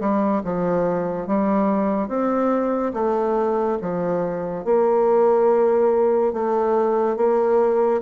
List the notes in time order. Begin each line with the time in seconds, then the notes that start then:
0.00 G3
0.43 F3
1.27 G3
2.08 C4
2.93 A3
3.81 F3
4.64 A#3
6.33 A3
7.16 A#3